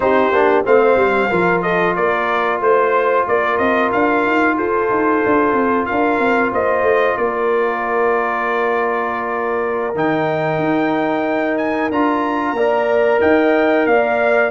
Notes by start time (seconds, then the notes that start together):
0.00 C4 D#4 G4 C5
0.31 A#3 D4
0.64 A3 C4 C5 F5
0.96 G3
1.30 F3 F4 A#4
1.62 A4 D#5
1.95 A#3 A#4 D5
2.60 A3 C5
3.27 A#3 A#4 D5
3.57 C4 D#5
3.92 D4 F5
4.26 D#4
4.56 F4 A4 C5
4.90 D#4
5.25 D4
5.52 C4
5.85 D4 A#4 F5
6.19 C4
6.52 A#3 C5 D#5
6.82 A3
7.17 A#3 A#4 D5
9.94 D#3 D#4 G5
10.58 D#4
11.57 G#5
11.90 D4 F4 A#5
12.52 A#3 A#4 D5
13.21 D#4 D#5 G5
13.86 A#3 D5 F5